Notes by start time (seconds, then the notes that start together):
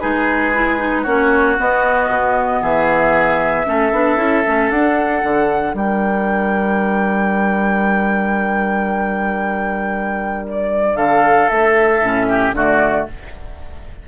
0.00 G#3 D#4 G#4 B4
0.55 E4
0.79 D#4
1.03 A#3 C#4 F#4 C#5
1.58 B3 D#5
2.09 B2
2.62 E3 G#4 E5
3.66 A3 C#4 A4
3.93 B3 D4
4.17 C#4 E4
4.47 A3 C#4
4.71 D4 F#5
5.24 D3
5.74 G3 A#4 G5
10.49 D5
10.97 D3 A4 F5
11.49 A3 E5
12.02 A2 C#4
12.29 G4
12.53 D3 A3 F#4 D5